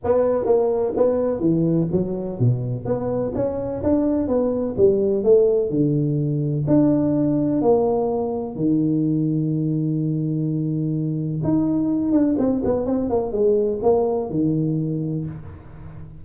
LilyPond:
\new Staff \with { instrumentName = "tuba" } { \time 4/4 \tempo 4 = 126 b4 ais4 b4 e4 | fis4 b,4 b4 cis'4 | d'4 b4 g4 a4 | d2 d'2 |
ais2 dis2~ | dis1 | dis'4. d'8 c'8 b8 c'8 ais8 | gis4 ais4 dis2 | }